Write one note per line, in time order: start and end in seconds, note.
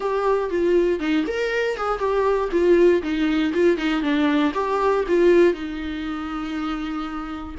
0.00 0.50 G4
0.50 0.99 F4
0.99 1.24 D#4
1.27 1.76 A#4
1.76 1.98 G#4
1.98 2.49 G4
2.51 3.02 F4
3.02 3.52 D#4
3.53 3.77 F4
3.77 4.02 D#4
4.02 4.52 D4
4.54 5.04 G4
5.07 5.53 F4
5.53 7.55 D#4